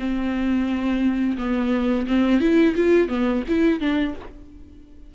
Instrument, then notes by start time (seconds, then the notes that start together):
viola
0.00 C4
1.38 B3
2.07 C4
2.41 E4
2.76 F4
3.09 B3
3.49 E4
3.80 D4